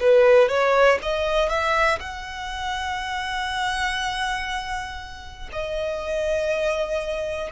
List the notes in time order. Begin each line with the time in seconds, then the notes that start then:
0.00 B4
0.49 C#5
1.02 D#5
1.50 E5
2.00 F#5
5.52 D#5